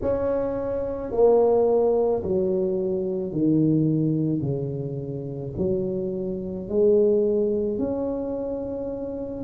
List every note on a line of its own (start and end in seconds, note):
0.02 1.11 C#4
1.11 2.22 A#3
2.23 3.31 F#3
3.31 4.41 D#3
4.41 5.52 C#3
5.57 6.68 F#3
6.68 7.78 G#3
7.78 9.44 C#4